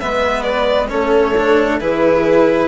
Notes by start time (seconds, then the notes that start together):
0.00 G#3 B3 B4 E5
0.43 D5
0.88 A3 C#4 A4 C#5
1.38 D4
1.80 E3 E4 G#4 B4